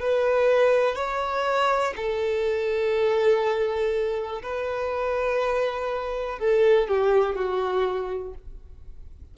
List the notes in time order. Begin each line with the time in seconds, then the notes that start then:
0.00 B4
0.96 C#5
1.96 A4
4.43 B4
6.39 A4
6.88 G4
7.36 F#4